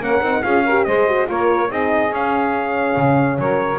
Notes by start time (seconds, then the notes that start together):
0.00 A#3 C#4 A#4 F#5
0.21 C4 D#4
0.43 C#4 F4 G#4 F5
0.65 G4 A#4
0.85 G#3 G#4 C5 D#5
1.08 F#4
1.26 A#3 F4 A#4 C#5
1.69 C4 D#4 G#4 D#5
2.11 C#4 F5
2.97 C#3
3.39 F#3 A#4 C#5